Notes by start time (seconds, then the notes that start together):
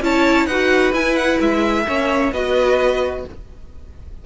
0.00 C#4 E4 C#5 A5
0.46 D#4 F#4 B4 F#5
0.92 E4 G#5
1.15 F#5
1.40 G#3 E5
1.87 A#3 C#4 C#5
2.32 B3 F#4 B4 D#5